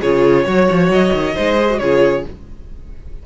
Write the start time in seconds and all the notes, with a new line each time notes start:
0.00 C#3 F4 G#4 C#5
0.46 F#3 F#4 C#5
0.71 F3
0.89 F#3 D#5
1.13 D#3
1.35 G#3 D#4 C5
1.61 G#4
1.70 F#4
1.79 C#3 F4 G#4 C#5